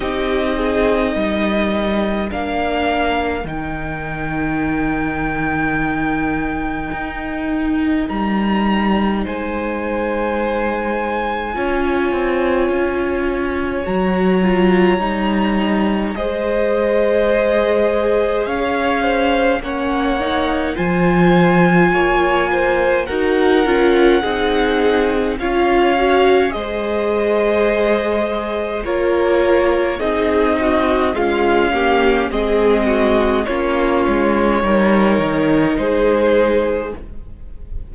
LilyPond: <<
  \new Staff \with { instrumentName = "violin" } { \time 4/4 \tempo 4 = 52 dis''2 f''4 g''4~ | g''2. ais''4 | gis''1 | ais''2 dis''2 |
f''4 fis''4 gis''2 | fis''2 f''4 dis''4~ | dis''4 cis''4 dis''4 f''4 | dis''4 cis''2 c''4 | }
  \new Staff \with { instrumentName = "violin" } { \time 4/4 g'8 gis'8 ais'2.~ | ais'1 | c''2 cis''2~ | cis''2 c''2 |
cis''8 c''8 cis''4 c''4 cis''8 c''8 | ais'4 gis'4 cis''4 c''4~ | c''4 ais'4 gis'8 fis'8 f'8 g'8 | gis'8 fis'8 f'4 ais'4 gis'4 | }
  \new Staff \with { instrumentName = "viola" } { \time 4/4 dis'2 d'4 dis'4~ | dis'1~ | dis'2 f'2 | fis'8 f'8 dis'4 gis'2~ |
gis'4 cis'8 dis'8 f'2 | fis'8 f'8 dis'4 f'8 fis'8 gis'4~ | gis'4 f'4 dis'4 gis8 ais8 | c'4 cis'4 dis'2 | }
  \new Staff \with { instrumentName = "cello" } { \time 4/4 c'4 g4 ais4 dis4~ | dis2 dis'4 g4 | gis2 cis'8 c'8 cis'4 | fis4 g4 gis2 |
cis'4 ais4 f4 ais4 | dis'8 cis'8 c'4 cis'4 gis4~ | gis4 ais4 c'4 cis'4 | gis4 ais8 gis8 g8 dis8 gis4 | }
>>